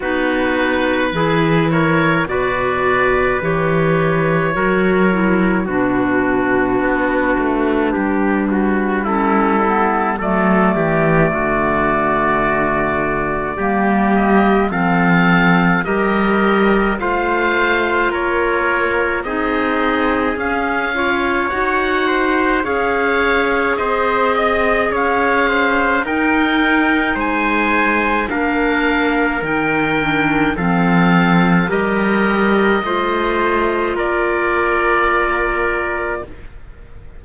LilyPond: <<
  \new Staff \with { instrumentName = "oboe" } { \time 4/4 \tempo 4 = 53 b'4. cis''8 d''4 cis''4~ | cis''4 b'2. | a'4 d''2.~ | d''8 dis''8 f''4 dis''4 f''4 |
cis''4 dis''4 f''4 fis''4 | f''4 dis''4 f''4 g''4 | gis''4 f''4 g''4 f''4 | dis''2 d''2 | }
  \new Staff \with { instrumentName = "trumpet" } { \time 4/4 fis'4 gis'8 ais'8 b'2 | ais'4 fis'2 g'8 fis'8 | e'4 a'8 g'8 fis'2 | g'4 a'4 ais'4 c''4 |
ais'4 gis'4. cis''4 c''8 | cis''4 c''8 dis''8 cis''8 c''8 ais'4 | c''4 ais'2 a'4 | ais'4 c''4 ais'2 | }
  \new Staff \with { instrumentName = "clarinet" } { \time 4/4 dis'4 e'4 fis'4 g'4 | fis'8 e'8 d'2. | cis'8 b8 a2. | ais4 c'4 g'4 f'4~ |
f'4 dis'4 cis'8 f'8 fis'4 | gis'2. dis'4~ | dis'4 d'4 dis'8 d'8 c'4 | g'4 f'2. | }
  \new Staff \with { instrumentName = "cello" } { \time 4/4 b4 e4 b,4 e4 | fis4 b,4 b8 a8 g4~ | g4 fis8 e8 d2 | g4 f4 g4 a4 |
ais4 c'4 cis'4 dis'4 | cis'4 c'4 cis'4 dis'4 | gis4 ais4 dis4 f4 | g4 a4 ais2 | }
>>